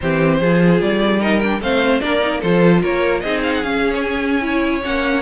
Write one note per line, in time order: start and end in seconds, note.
0.00 0.40 E3
0.00 0.41 C4
0.00 0.39 G4
0.00 0.81 C5
0.39 0.80 F3
0.39 1.20 F4
0.39 1.19 G#4
0.81 1.60 G3
0.81 1.21 D5
1.19 1.40 D#4
1.19 1.60 A#4
1.19 1.40 D#5
1.40 1.61 D4
1.40 1.60 G5
1.60 2.00 A3
1.60 2.00 C4
1.60 2.01 C5
1.60 2.00 F5
2.00 2.42 A#3
2.00 2.20 D4
2.00 2.40 A#4
2.00 2.40 D5
2.20 2.40 D#4
2.40 2.83 F3
2.40 3.23 F4
2.40 2.80 A4
2.40 2.82 C5
2.81 3.23 A#3
2.81 3.22 A#4
2.81 3.20 C#5
3.20 3.63 C4
3.20 3.63 D#4
3.20 4.43 G#4
3.20 3.40 D#5
3.42 3.53 F5
3.54 3.63 F#5
3.63 4.84 C#4
3.63 4.41 C#4
3.63 3.93 F5
3.94 4.01 C#5
4.01 4.82 G#5
4.41 4.81 E4
4.41 5.21 C#5
4.82 5.21 A#3
4.82 5.21 C#4
4.82 5.21 F#5